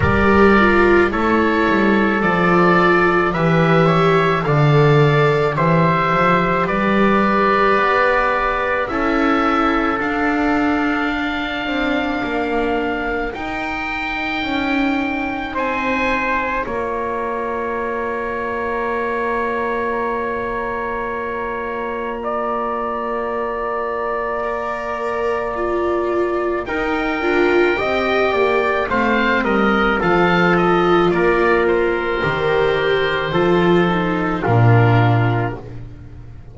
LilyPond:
<<
  \new Staff \with { instrumentName = "oboe" } { \time 4/4 \tempo 4 = 54 d''4 cis''4 d''4 e''4 | f''4 e''4 d''2 | e''4 f''2. | g''2 gis''4 ais''4~ |
ais''1~ | ais''1 | g''2 f''8 dis''8 f''8 dis''8 | d''8 c''2~ c''8 ais'4 | }
  \new Staff \with { instrumentName = "trumpet" } { \time 4/4 ais'4 a'2 b'8 cis''8 | d''4 c''4 b'2 | a'2 ais'2~ | ais'2 c''4 cis''4~ |
cis''1 | d''1 | ais'4 dis''8 d''8 c''8 ais'8 a'4 | ais'2 a'4 f'4 | }
  \new Staff \with { instrumentName = "viola" } { \time 4/4 g'8 f'8 e'4 f'4 g'4 | a'4 g'2. | e'4 d'2. | dis'2. f'4~ |
f'1~ | f'2 ais'4 f'4 | dis'8 f'8 g'4 c'4 f'4~ | f'4 g'4 f'8 dis'8 d'4 | }
  \new Staff \with { instrumentName = "double bass" } { \time 4/4 g4 a8 g8 f4 e4 | d4 e8 f8 g4 b4 | cis'4 d'4. c'8 ais4 | dis'4 cis'4 c'4 ais4~ |
ais1~ | ais1 | dis'8 d'8 c'8 ais8 a8 g8 f4 | ais4 dis4 f4 ais,4 | }
>>